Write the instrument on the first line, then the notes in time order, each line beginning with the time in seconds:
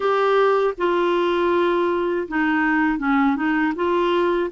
clarinet
0.00 G4
0.77 F4
2.27 D#4
2.98 C#4
3.35 D#4
3.75 F4